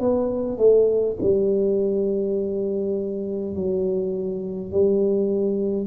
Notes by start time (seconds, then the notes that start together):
0.00 B3
0.58 A3
1.22 G3
3.56 F#3
4.72 G3